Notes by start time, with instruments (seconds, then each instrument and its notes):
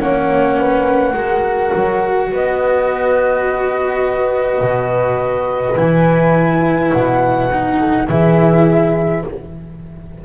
0.00 double bass A#3, cello C#4, horn C#5, flute F#5
0.59 horn B4
1.13 double bass G#3, cello F#4, horn A#4
1.75 double bass F#3
2.32 double bass B3, horn B4, flute D#5
4.61 double bass B2
5.76 double bass E3, cello E4, flute G#5
6.92 double bass B2, flute F#5
7.52 cello D#4
7.79 horn A4
8.07 double bass E3, cello E4, horn G#4, flute E5